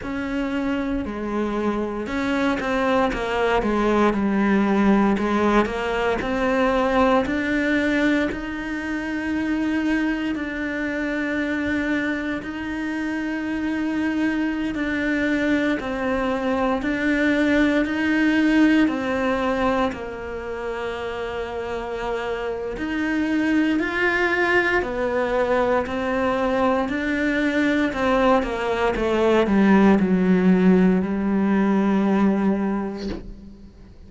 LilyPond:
\new Staff \with { instrumentName = "cello" } { \time 4/4 \tempo 4 = 58 cis'4 gis4 cis'8 c'8 ais8 gis8 | g4 gis8 ais8 c'4 d'4 | dis'2 d'2 | dis'2~ dis'16 d'4 c'8.~ |
c'16 d'4 dis'4 c'4 ais8.~ | ais2 dis'4 f'4 | b4 c'4 d'4 c'8 ais8 | a8 g8 fis4 g2 | }